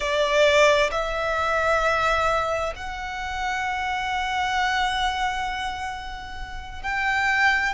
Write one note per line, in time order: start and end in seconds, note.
0.00 0.90 D5
0.91 2.73 E5
2.75 6.82 F#5
6.82 7.73 G5